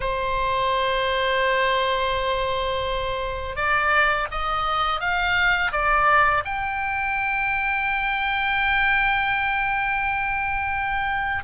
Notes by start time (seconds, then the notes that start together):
0.00 C5
3.56 D5
4.31 D#5
5.00 F5
5.71 D5
6.44 G5